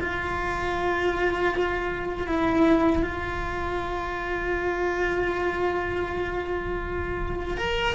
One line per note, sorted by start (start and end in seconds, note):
0.00 2.27 F4
2.27 3.03 E4
3.03 7.57 F4
7.57 7.95 A#4